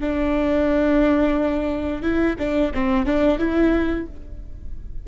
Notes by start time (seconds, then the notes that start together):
0.00 D4
2.02 E4
2.38 D4
2.73 C4
3.06 D4
3.38 E4